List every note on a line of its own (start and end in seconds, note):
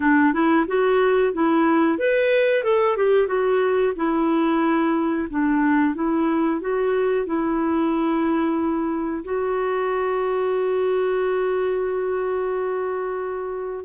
0.00 0.33 D4
0.33 0.66 E4
0.67 1.33 F#4
1.33 1.98 E4
1.98 2.63 B4
2.63 2.96 A4
2.96 3.27 G4
3.27 3.93 F#4
3.96 5.27 E4
5.30 5.94 D4
5.94 6.60 E4
6.60 7.26 F#4
7.26 9.23 E4
9.24 13.85 F#4